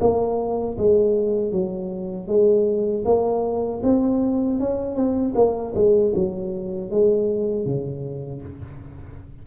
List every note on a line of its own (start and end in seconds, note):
0.00 0.77 A#3
0.78 1.52 G#3
1.52 2.27 F#3
2.27 3.04 G#3
3.05 3.81 A#3
3.83 4.60 C4
4.60 4.95 C#4
4.95 5.34 C4
5.35 5.73 A#3
5.75 6.13 G#3
6.15 6.90 F#3
6.90 7.65 G#3
7.65 8.42 C#3